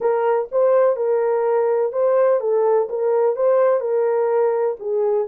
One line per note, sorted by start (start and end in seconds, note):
0.00 0.48 A#4
0.51 0.96 C5
0.96 1.92 A#4
1.92 2.40 C5
2.40 2.88 A4
2.89 3.36 A#4
3.36 3.80 C5
3.80 4.76 A#4
4.79 5.27 G#4